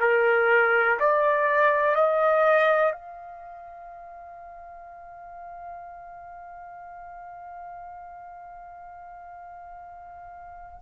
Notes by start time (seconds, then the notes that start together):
0.00 A#4
1.00 D5
1.95 D#5
2.92 F5